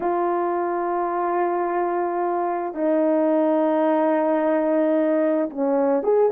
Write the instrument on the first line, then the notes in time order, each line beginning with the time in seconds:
horn
0.00 F4
2.74 D#4
5.49 C#4
6.03 G#4